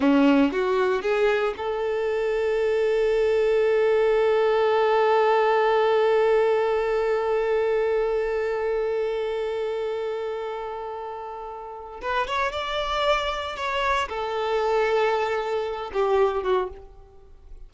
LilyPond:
\new Staff \with { instrumentName = "violin" } { \time 4/4 \tempo 4 = 115 cis'4 fis'4 gis'4 a'4~ | a'1~ | a'1~ | a'1~ |
a'1~ | a'2. b'8 cis''8 | d''2 cis''4 a'4~ | a'2~ a'8 g'4 fis'8 | }